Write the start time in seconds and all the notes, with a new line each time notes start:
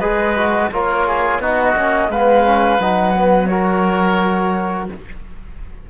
0.00 G#3 G#4 B4 D#5
0.37 F#4
0.71 A#3 F4 A#4 C#5
1.08 G#4
1.40 B3 D#4 F#4 D#5
1.76 A#3 C#4
2.09 G#3 B3 B4 F5
2.45 C#4
2.80 F#3 D#4 F#5
3.16 B3
3.47 F#4 A#4 C#5